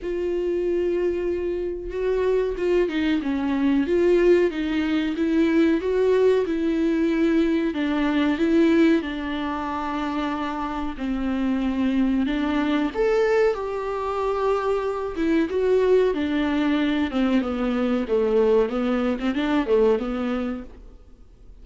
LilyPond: \new Staff \with { instrumentName = "viola" } { \time 4/4 \tempo 4 = 93 f'2. fis'4 | f'8 dis'8 cis'4 f'4 dis'4 | e'4 fis'4 e'2 | d'4 e'4 d'2~ |
d'4 c'2 d'4 | a'4 g'2~ g'8 e'8 | fis'4 d'4. c'8 b4 | a4 b8. c'16 d'8 a8 b4 | }